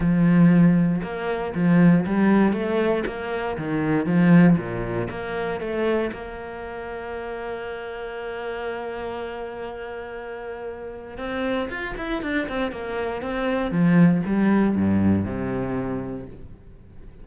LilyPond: \new Staff \with { instrumentName = "cello" } { \time 4/4 \tempo 4 = 118 f2 ais4 f4 | g4 a4 ais4 dis4 | f4 ais,4 ais4 a4 | ais1~ |
ais1~ | ais2 c'4 f'8 e'8 | d'8 c'8 ais4 c'4 f4 | g4 g,4 c2 | }